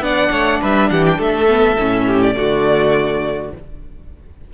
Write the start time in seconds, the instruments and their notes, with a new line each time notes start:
0.00 cello B3, viola D4, violin D5 F#5
0.31 cello A3, violin C#5
0.61 cello G3, violin B4 E5
0.90 cello E3, violin G4 F#5
1.06 violin G5
1.18 cello A3, violin A4 E5
1.48 viola B3
1.79 cello A2, viola C#4
2.07 violin G4
2.22 violin D5
2.35 cello D3, viola A3, violin F#4